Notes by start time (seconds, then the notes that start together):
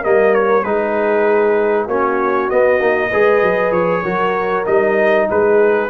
0.00 G3 A#3 A#4 D#5
0.34 C#5
0.63 G#3 D#4 G#4 B4
1.85 A#3 C#4 F#4 C#5
2.50 B3 D#5
2.80 A#3 D#4
3.10 G#3 G#4 B4
3.42 F#3
3.71 F3 C#5
4.02 F#3 F#4 A#4
4.65 G3 D#4 D#5
5.29 G#3 G#4 B4